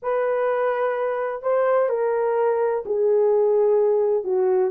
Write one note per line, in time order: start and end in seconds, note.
0.02 1.42 B4
1.42 1.89 C5
1.89 2.83 A#4
2.85 4.23 G#4
4.23 4.71 F#4